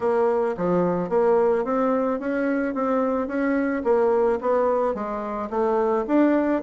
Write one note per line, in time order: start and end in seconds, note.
0.00 0.55 A#3
0.57 1.09 F3
1.09 1.64 A#3
1.64 2.19 C4
2.19 2.74 C#4
2.74 3.27 C4
3.27 3.82 C#4
3.84 4.39 A#3
4.40 4.94 B3
4.94 5.49 G#3
5.50 6.05 A3
6.07 6.62 D4